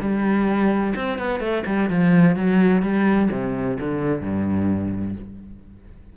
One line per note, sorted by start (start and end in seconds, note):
0.00 0.94 G3
0.95 1.18 C4
1.18 1.40 B3
1.40 1.63 A3
1.66 1.89 G3
1.89 2.36 F3
2.36 2.82 F#3
2.82 3.29 G3
3.31 3.78 C3
3.80 4.21 D3
4.21 5.15 G2